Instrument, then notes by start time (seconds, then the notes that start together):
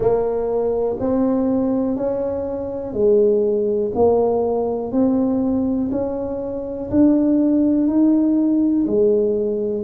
tuba
0.00 A#3
0.99 C4
1.96 C#4
2.92 G#3
3.94 A#3
4.92 C4
5.92 C#4
6.90 D4
7.87 D#4
8.87 G#3